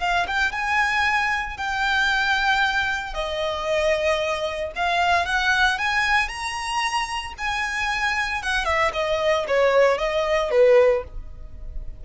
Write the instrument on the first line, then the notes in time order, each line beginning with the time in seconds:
violin
0.00 F5
0.27 G5
0.52 G#5
1.57 G5
3.14 D#5
4.76 F5
5.26 F#5
5.78 G#5
6.29 A#5
7.38 G#5
8.42 F#5
8.65 E5
8.94 D#5
9.48 C#5
9.98 D#5
10.51 B4